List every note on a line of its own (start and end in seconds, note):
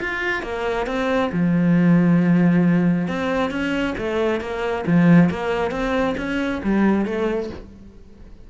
0.00 0.42 F4
0.42 0.86 A#3
0.86 1.31 C4
1.32 3.08 F3
3.08 3.50 C4
3.50 3.94 C#4
3.97 4.40 A3
4.40 4.84 A#3
4.86 5.30 F3
5.30 5.71 A#3
5.71 6.15 C4
6.17 6.61 C#4
6.63 7.05 G3
7.05 7.49 A3